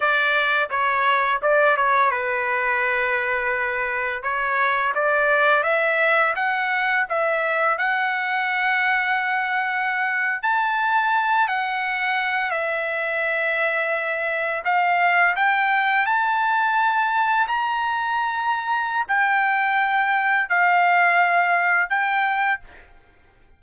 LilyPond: \new Staff \with { instrumentName = "trumpet" } { \time 4/4 \tempo 4 = 85 d''4 cis''4 d''8 cis''8 b'4~ | b'2 cis''4 d''4 | e''4 fis''4 e''4 fis''4~ | fis''2~ fis''8. a''4~ a''16~ |
a''16 fis''4. e''2~ e''16~ | e''8. f''4 g''4 a''4~ a''16~ | a''8. ais''2~ ais''16 g''4~ | g''4 f''2 g''4 | }